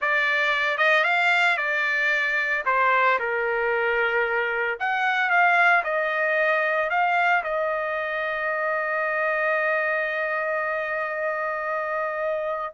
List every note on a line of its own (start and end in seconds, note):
0.01 0.77 D5
0.77 1.04 D#5
1.04 1.57 F5
1.57 2.63 D5
2.65 3.18 C5
3.19 4.78 A#4
4.79 5.30 F#5
5.30 5.83 F5
5.84 6.90 D#5
6.90 7.43 F5
7.43 12.74 D#5